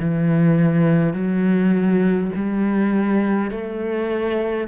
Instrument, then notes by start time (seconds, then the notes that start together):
cello
0.00 E3
1.13 F#3
2.35 G3
3.50 A3